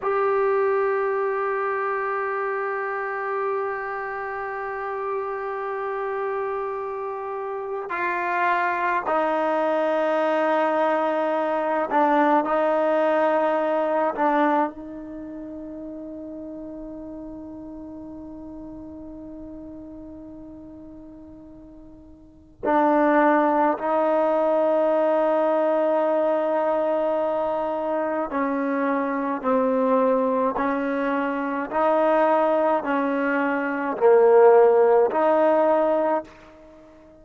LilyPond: \new Staff \with { instrumentName = "trombone" } { \time 4/4 \tempo 4 = 53 g'1~ | g'2. f'4 | dis'2~ dis'8 d'8 dis'4~ | dis'8 d'8 dis'2.~ |
dis'1 | d'4 dis'2.~ | dis'4 cis'4 c'4 cis'4 | dis'4 cis'4 ais4 dis'4 | }